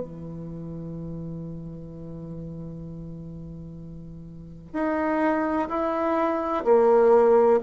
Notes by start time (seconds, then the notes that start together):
0.00 E3
4.73 D#4
5.69 E4
6.65 A#3